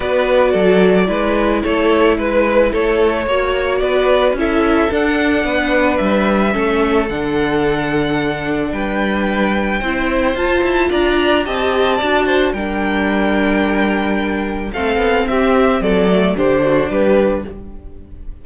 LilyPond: <<
  \new Staff \with { instrumentName = "violin" } { \time 4/4 \tempo 4 = 110 d''2. cis''4 | b'4 cis''2 d''4 | e''4 fis''2 e''4~ | e''4 fis''2. |
g''2. a''4 | ais''4 a''2 g''4~ | g''2. f''4 | e''4 d''4 c''4 b'4 | }
  \new Staff \with { instrumentName = "violin" } { \time 4/4 b'4 a'4 b'4 a'4 | b'4 a'4 cis''4 b'4 | a'2 b'2 | a'1 |
b'2 c''2 | d''4 dis''4 d''8 c''8 ais'4~ | ais'2. a'4 | g'4 a'4 g'8 fis'8 g'4 | }
  \new Staff \with { instrumentName = "viola" } { \time 4/4 fis'2 e'2~ | e'2 fis'2 | e'4 d'2. | cis'4 d'2.~ |
d'2 e'4 f'4~ | f'4 g'4 fis'4 d'4~ | d'2. c'4~ | c'4. a8 d'2 | }
  \new Staff \with { instrumentName = "cello" } { \time 4/4 b4 fis4 gis4 a4 | gis4 a4 ais4 b4 | cis'4 d'4 b4 g4 | a4 d2. |
g2 c'4 f'8 e'8 | d'4 c'4 d'4 g4~ | g2. a8 b8 | c'4 fis4 d4 g4 | }
>>